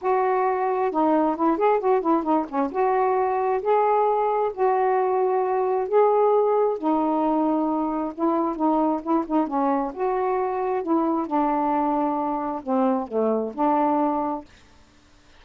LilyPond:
\new Staff \with { instrumentName = "saxophone" } { \time 4/4 \tempo 4 = 133 fis'2 dis'4 e'8 gis'8 | fis'8 e'8 dis'8 cis'8 fis'2 | gis'2 fis'2~ | fis'4 gis'2 dis'4~ |
dis'2 e'4 dis'4 | e'8 dis'8 cis'4 fis'2 | e'4 d'2. | c'4 a4 d'2 | }